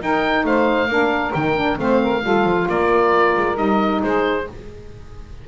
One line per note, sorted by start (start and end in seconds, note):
0.00 0.89 D#4
0.00 0.44 D#4
0.00 0.45 A#4
0.00 0.46 G5
0.44 0.87 A3
0.44 0.90 C5
0.44 1.33 F5
0.87 1.32 A#3
0.87 1.34 D4
0.87 1.80 A#4
1.33 1.79 D#3
1.33 1.56 D#4
1.33 1.78 G5
1.56 1.77 D4
1.77 2.23 A3
1.77 2.21 C4
1.77 2.01 C5
1.77 2.69 F5
2.01 2.23 A#4
2.22 2.44 G3
2.22 3.55 F4
2.22 2.67 A4
2.44 2.66 F3
2.68 3.35 A#3
2.68 4.02 A#4
2.68 3.57 D5
3.36 3.57 G#3
3.55 4.01 G3
3.55 4.44 D#4
3.55 4.01 D#5
4.03 4.48 G#3
4.03 4.48 G#4
4.03 4.47 C5